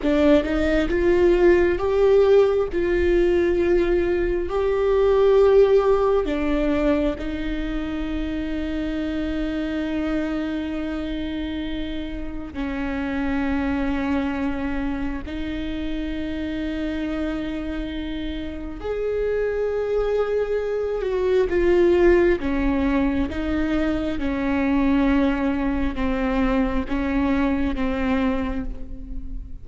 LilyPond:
\new Staff \with { instrumentName = "viola" } { \time 4/4 \tempo 4 = 67 d'8 dis'8 f'4 g'4 f'4~ | f'4 g'2 d'4 | dis'1~ | dis'2 cis'2~ |
cis'4 dis'2.~ | dis'4 gis'2~ gis'8 fis'8 | f'4 cis'4 dis'4 cis'4~ | cis'4 c'4 cis'4 c'4 | }